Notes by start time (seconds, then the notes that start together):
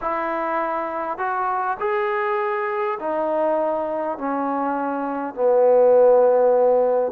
0.01 E4
1.17 F#4
1.79 G#4
2.99 D#4
4.17 C#4
5.34 B3